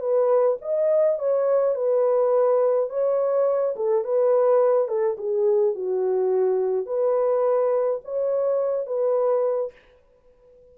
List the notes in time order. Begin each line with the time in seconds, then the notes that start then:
0.00 B4
0.62 D#5
1.19 C#5
1.75 B4
2.90 C#5
3.76 A4
4.05 B4
4.88 A4
5.18 G#4
5.75 F#4
6.86 B4
8.05 C#5
8.86 B4